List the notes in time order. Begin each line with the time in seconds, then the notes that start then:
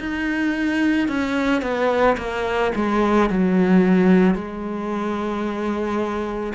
0.00 D#4
1.08 C#4
1.62 B3
2.18 A#3
2.76 G#3
3.30 F#3
4.35 G#3